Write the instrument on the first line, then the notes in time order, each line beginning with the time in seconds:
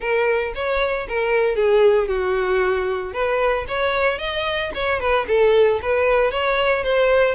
violin
0.00 A#4
0.54 C#5
1.08 A#4
1.55 G#4
2.08 F#4
3.13 B4
3.67 C#5
4.18 D#5
4.74 C#5
5.00 B4
5.27 A4
5.82 B4
6.31 C#5
6.83 C5